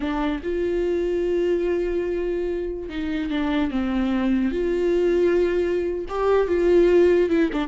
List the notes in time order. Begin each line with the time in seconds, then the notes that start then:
0.00 D4
0.43 F4
2.89 D#4
3.30 D4
3.70 C4
4.51 F4
6.08 G4
6.47 F4
7.29 E4
7.52 D4